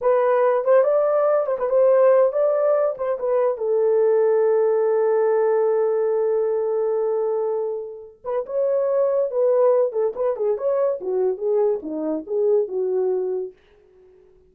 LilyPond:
\new Staff \with { instrumentName = "horn" } { \time 4/4 \tempo 4 = 142 b'4. c''8 d''4. c''16 b'16 | c''4. d''4. c''8 b'8~ | b'8 a'2.~ a'8~ | a'1~ |
a'2.~ a'8 b'8 | cis''2 b'4. a'8 | b'8 gis'8 cis''4 fis'4 gis'4 | dis'4 gis'4 fis'2 | }